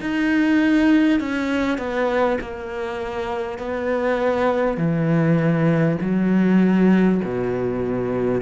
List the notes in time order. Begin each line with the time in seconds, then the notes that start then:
0.00 D#4
1.19 C#4
1.78 B3
2.41 A#3
3.58 B3
4.77 E3
6.01 F#3
7.24 B2